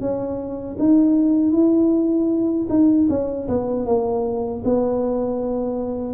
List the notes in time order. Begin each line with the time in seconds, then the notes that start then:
0.00 C#4
0.79 D#4
1.52 E4
2.69 D#4
3.09 C#4
3.48 B3
3.86 A#3
4.64 B3